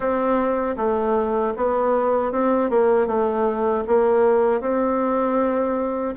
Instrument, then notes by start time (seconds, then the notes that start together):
bassoon
0.00 C4
0.77 A3
1.56 B3
2.32 C4
2.70 A#3
3.07 A3
3.87 A#3
4.60 C4